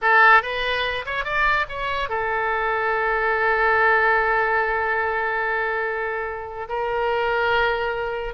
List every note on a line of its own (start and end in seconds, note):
0.01 0.42 A4
0.42 1.05 B4
1.05 1.24 C#5
1.24 1.66 D5
1.69 2.09 C#5
2.09 6.67 A4
6.69 8.34 A#4